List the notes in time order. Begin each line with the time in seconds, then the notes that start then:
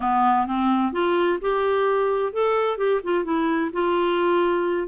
0.00 B3
0.47 C4
0.92 F4
1.41 G4
2.33 A4
2.77 G4
3.03 F4
3.24 E4
3.73 F4